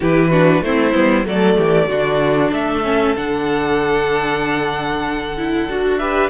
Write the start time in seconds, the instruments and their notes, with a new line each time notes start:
0.00 cello E3, viola E4, violin G4 B4
0.30 viola D4, violin F#4
0.61 cello A3, viola C4, violin E4 C5
0.93 cello G3, viola B3
1.25 cello F#3, viola A3, violin A4 D5
1.57 cello E3, violin G4
1.88 cello D3, viola D4, violin F#4
2.51 cello A3, violin A4 E5
2.83 viola C#4
3.16 cello D3, viola D4, violin F#5
5.37 viola E4
5.68 cello D4, viola F#4
5.98 viola G4, violin B4 E5